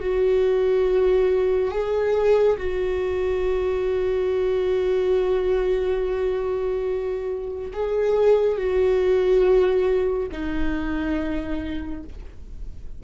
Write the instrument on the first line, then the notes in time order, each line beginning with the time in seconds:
viola
0.00 F#4
1.71 G#4
2.57 F#4
7.73 G#4
8.57 F#4
10.32 D#4